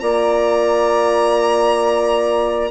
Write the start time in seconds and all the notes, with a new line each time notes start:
0.00 A#3 F4 D5 A#5